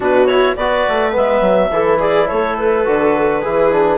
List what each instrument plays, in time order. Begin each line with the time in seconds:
0.00 bassoon B2, trombone D4, viola F#4, clarinet B4
0.26 trombone E4, clarinet C#5
0.55 bassoon B3, trombone F#4, viola B4, clarinet D5
0.88 bassoon A3
1.11 bassoon G#3, trombone B3, clarinet E5
1.41 bassoon F#3
1.71 bassoon E3, trombone E4, viola A4
1.98 viola G#4, clarinet D5
2.27 bassoon A3, viola A4, clarinet C#5
2.57 clarinet B4
2.84 bassoon D3, trombone F#4
3.41 bassoon E3, trombone E4, viola G#4
3.71 trombone D4